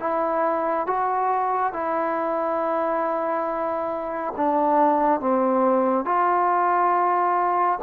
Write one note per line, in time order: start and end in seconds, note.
0.00 0.87 E4
0.87 1.74 F#4
1.74 4.34 E4
4.37 5.21 D4
5.21 6.06 C4
6.06 7.79 F4